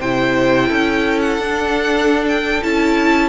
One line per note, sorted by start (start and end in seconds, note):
0.00 0.71 C3
0.00 1.42 E4
0.00 0.68 C5
0.00 1.20 G5
0.68 1.39 C#4
0.68 3.29 A4
1.20 2.25 F#5
1.39 2.61 D4
1.39 2.63 D4
2.28 2.63 G5
2.63 3.29 C#4
2.63 3.29 E4
2.63 3.29 A5